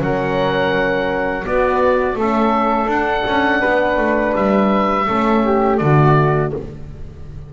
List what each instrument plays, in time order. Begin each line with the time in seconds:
0.00 double bass F#3, horn C#4, flute A#4, oboe F#5
1.44 horn B3, double bass B3, flute F#4, oboe D5
2.15 double bass A3, horn C#4, flute A4, oboe E5
2.87 double bass D4, horn D4, oboe F#5
3.27 double bass C#4
3.61 double bass B3, flute B4
3.98 double bass A3
4.36 double bass G3, oboe E5
5.07 double bass A3, horn C#4, flute A4
5.44 flute G4
5.78 double bass D3, horn A3, flute F#4, oboe D5